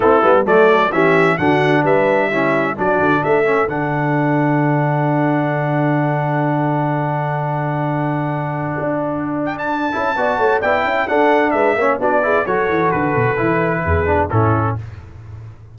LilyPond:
<<
  \new Staff \with { instrumentName = "trumpet" } { \time 4/4 \tempo 4 = 130 a'4 d''4 e''4 fis''4 | e''2 d''4 e''4 | fis''1~ | fis''1~ |
fis''1~ | fis''8 g''16 a''2~ a''16 g''4 | fis''4 e''4 d''4 cis''4 | b'2. a'4 | }
  \new Staff \with { instrumentName = "horn" } { \time 4/4 e'4 a'4 g'4 fis'4 | b'4 e'4 fis'4 a'4~ | a'1~ | a'1~ |
a'1~ | a'2 d''8 cis''8 d''8 e''8 | a'4 b'8 cis''8 fis'8 gis'8 a'4~ | a'2 gis'4 e'4 | }
  \new Staff \with { instrumentName = "trombone" } { \time 4/4 c'8 b8 a4 cis'4 d'4~ | d'4 cis'4 d'4. cis'8 | d'1~ | d'1~ |
d'1~ | d'4. e'8 fis'4 e'4 | d'4. cis'8 d'8 e'8 fis'4~ | fis'4 e'4. d'8 cis'4 | }
  \new Staff \with { instrumentName = "tuba" } { \time 4/4 a8 g8 fis4 e4 d4 | g2 fis8 d8 a4 | d1~ | d1~ |
d2. d'4~ | d'4. cis'8 b8 a8 b8 cis'8 | d'4 gis8 ais8 b4 fis8 e8 | d8 b,8 e4 e,4 a,4 | }
>>